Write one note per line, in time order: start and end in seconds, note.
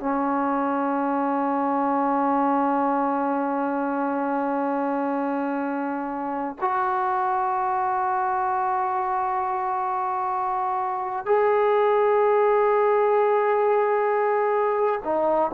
0.00 6.56 C#4
6.61 11.26 F#4
11.26 15.01 G#4
15.05 15.52 D#4